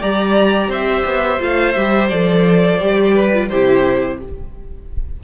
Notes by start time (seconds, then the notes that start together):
0.00 G3 G4 D5 A#5
0.68 C4 C5 E5
1.05 B3
1.40 A3 F4 F5
1.73 G3 G4 E5
2.09 F3 A4 D5
2.80 G3 G4
3.14 B4
3.33 F4
3.49 C3 E4 G4 C5